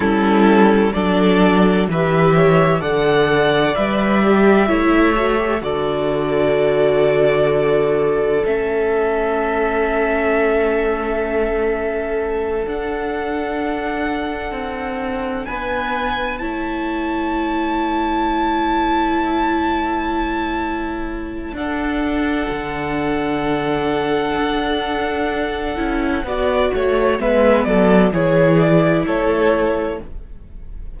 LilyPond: <<
  \new Staff \with { instrumentName = "violin" } { \time 4/4 \tempo 4 = 64 a'4 d''4 e''4 fis''4 | e''2 d''2~ | d''4 e''2.~ | e''4. fis''2~ fis''8~ |
fis''8 gis''4 a''2~ a''8~ | a''2. fis''4~ | fis''1~ | fis''4 e''8 d''8 cis''8 d''8 cis''4 | }
  \new Staff \with { instrumentName = "violin" } { \time 4/4 e'4 a'4 b'8 cis''8 d''4~ | d''4 cis''4 a'2~ | a'1~ | a'1~ |
a'8 b'4 cis''2~ cis''8~ | cis''2. a'4~ | a'1 | d''8 cis''8 b'8 a'8 gis'4 a'4 | }
  \new Staff \with { instrumentName = "viola" } { \time 4/4 cis'4 d'4 g'4 a'4 | b'8 g'8 e'8 fis'16 g'16 fis'2~ | fis'4 cis'2.~ | cis'4. d'2~ d'8~ |
d'4. e'2~ e'8~ | e'2. d'4~ | d'2.~ d'8 e'8 | fis'4 b4 e'2 | }
  \new Staff \with { instrumentName = "cello" } { \time 4/4 g4 fis4 e4 d4 | g4 a4 d2~ | d4 a2.~ | a4. d'2 c'8~ |
c'8 b4 a2~ a8~ | a2. d'4 | d2 d'4. cis'8 | b8 a8 gis8 fis8 e4 a4 | }
>>